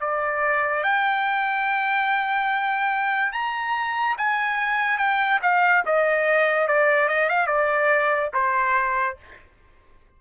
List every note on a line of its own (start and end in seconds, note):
0.00 0.83 D5
0.83 3.33 G5
3.33 4.16 A#5
4.17 4.98 G#5
4.98 5.40 G5
5.42 5.84 F5
5.86 6.68 D#5
6.68 7.09 D5
7.09 7.29 D#5
7.29 7.47 F5
7.47 8.30 D5
8.34 9.17 C5